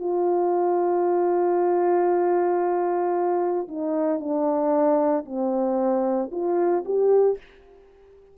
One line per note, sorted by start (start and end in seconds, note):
0.00 3.68 F4
3.68 4.21 D#4
4.21 5.26 D4
5.26 6.31 C4
6.32 6.85 F4
6.86 7.38 G4